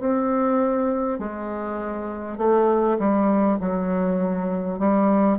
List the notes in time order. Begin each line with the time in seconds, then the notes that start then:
0.00 C4
1.19 G#3
2.38 A3
2.99 G3
3.60 F#3
4.79 G3